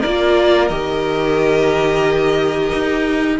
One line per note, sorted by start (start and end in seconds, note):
0.00 0.70 A#3
0.00 3.37 A#4
0.00 0.68 D5
0.07 0.70 F4
0.68 2.72 D#3
0.68 3.39 G4
0.68 3.37 D#5
2.73 3.39 D#4